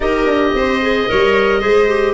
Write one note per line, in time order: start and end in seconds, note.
0.00 0.25 D#4
0.00 0.82 G4
0.00 0.55 A#4
0.00 2.13 D#5
0.25 0.52 D4
0.54 1.08 C4
0.54 1.10 C5
0.82 1.08 G#4
1.08 1.64 G3
1.08 1.61 A#4
1.08 1.60 C#5
1.60 2.13 G#3
1.60 1.88 G#4
1.60 2.13 C5
1.88 2.13 G4